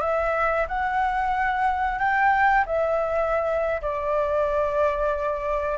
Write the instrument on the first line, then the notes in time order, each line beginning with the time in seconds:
flute
0.00 E5
0.67 F#5
1.98 G5
2.66 E5
3.81 D5